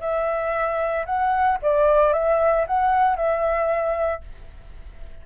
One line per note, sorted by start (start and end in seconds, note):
0.00 1.05 E5
1.06 1.58 F#5
1.62 2.13 D5
2.13 2.66 E5
2.67 3.16 F#5
3.16 4.21 E5